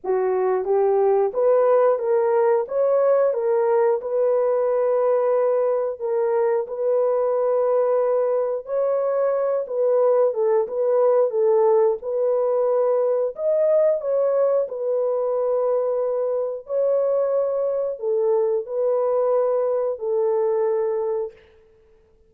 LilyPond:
\new Staff \with { instrumentName = "horn" } { \time 4/4 \tempo 4 = 90 fis'4 g'4 b'4 ais'4 | cis''4 ais'4 b'2~ | b'4 ais'4 b'2~ | b'4 cis''4. b'4 a'8 |
b'4 a'4 b'2 | dis''4 cis''4 b'2~ | b'4 cis''2 a'4 | b'2 a'2 | }